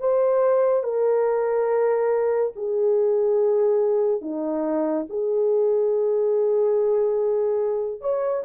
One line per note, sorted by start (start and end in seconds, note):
0.00 0.83 C5
0.83 2.52 A#4
2.56 4.21 G#4
4.21 5.06 D#4
5.09 8.01 G#4
8.01 8.43 C#5